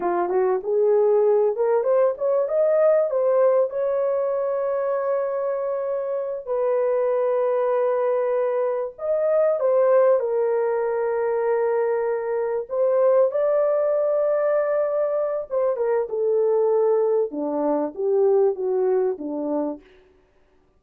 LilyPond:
\new Staff \with { instrumentName = "horn" } { \time 4/4 \tempo 4 = 97 f'8 fis'8 gis'4. ais'8 c''8 cis''8 | dis''4 c''4 cis''2~ | cis''2~ cis''8 b'4.~ | b'2~ b'8 dis''4 c''8~ |
c''8 ais'2.~ ais'8~ | ais'8 c''4 d''2~ d''8~ | d''4 c''8 ais'8 a'2 | d'4 g'4 fis'4 d'4 | }